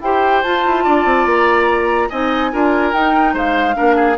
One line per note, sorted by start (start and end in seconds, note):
0.00 0.42 E4
0.00 0.44 G4
0.00 0.84 C5
0.00 0.42 G5
0.42 0.64 F4
0.42 2.11 F4
0.42 1.25 A5
0.66 0.86 E4
0.84 1.04 D4
0.84 2.09 D5
1.04 1.25 C4
1.25 2.09 A#3
1.25 2.09 A#5
2.09 2.53 C4
2.09 2.51 D#4
2.09 2.50 D#5
2.09 2.92 G#5
2.51 2.93 D4
2.51 2.93 F4
2.51 3.33 A#4
2.92 3.33 D#4
2.92 3.73 D#4
2.92 3.34 G5
3.33 3.75 G#3
3.33 3.75 C5
3.33 4.17 F5
3.73 4.15 D4
3.73 3.96 A#4
3.80 4.17 A#3
3.96 4.16 G#4